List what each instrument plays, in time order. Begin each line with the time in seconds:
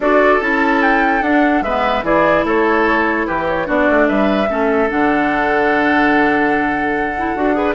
0.00 bassoon D4, clarinet F#4, oboe A4, flute D5
0.40 bassoon C#4, clarinet E4, flute A5
0.81 flute G5
1.21 bassoon D4, clarinet D4, flute F#5
1.61 bassoon G#3, clarinet B3, oboe B4, flute E5
2.02 bassoon E3, clarinet E4, oboe G#4, flute D5
2.44 bassoon A3, oboe A4, flute C#5
3.26 bassoon E3, oboe G4, flute B4
3.48 flute C#5
3.65 bassoon B3, clarinet D4, oboe F#4, flute D5
3.89 bassoon A3
4.08 bassoon G3, oboe B4, flute E5
4.48 bassoon A3, clarinet C#4, oboe A4
4.88 bassoon D3, clarinet D4, flute F#5
7.17 clarinet E4
7.35 bassoon D4, clarinet F#4
7.53 clarinet G#4, oboe B4